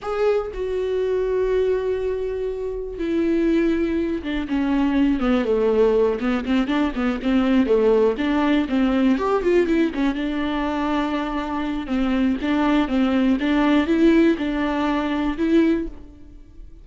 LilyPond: \new Staff \with { instrumentName = "viola" } { \time 4/4 \tempo 4 = 121 gis'4 fis'2.~ | fis'2 e'2~ | e'8 d'8 cis'4. b8 a4~ | a8 b8 c'8 d'8 b8 c'4 a8~ |
a8 d'4 c'4 g'8 f'8 e'8 | cis'8 d'2.~ d'8 | c'4 d'4 c'4 d'4 | e'4 d'2 e'4 | }